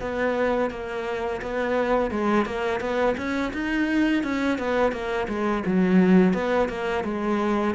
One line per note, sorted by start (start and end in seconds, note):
0.00 0.70 B3
0.70 1.41 A#3
1.41 2.11 B3
2.11 2.45 G#3
2.45 2.80 A#3
2.80 3.15 B3
3.17 3.52 C#4
3.53 4.23 D#4
4.23 4.58 C#4
4.58 4.92 B3
4.92 5.27 A#3
5.28 5.63 G#3
5.66 6.34 F#3
6.34 6.69 B3
6.69 7.04 A#3
7.04 7.75 G#3